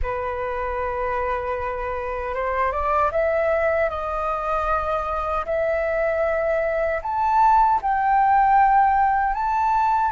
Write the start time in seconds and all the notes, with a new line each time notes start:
0.02 B4
2.34 C5
2.71 D5
3.11 E5
3.89 D#5
5.45 E5
7.02 A5
7.81 G5
9.33 A5